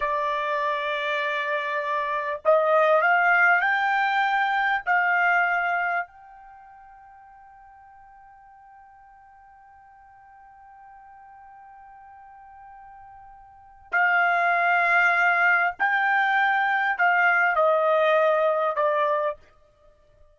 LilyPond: \new Staff \with { instrumentName = "trumpet" } { \time 4/4 \tempo 4 = 99 d''1 | dis''4 f''4 g''2 | f''2 g''2~ | g''1~ |
g''1~ | g''2. f''4~ | f''2 g''2 | f''4 dis''2 d''4 | }